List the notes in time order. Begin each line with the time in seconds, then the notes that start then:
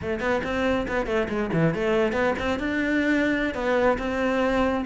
0.01 A3
0.20 B3
0.43 C4
0.88 B3
1.06 A3
1.28 G#3
1.52 E3
1.74 A3
2.12 B3
2.39 C4
2.59 D4
3.54 B3
3.98 C4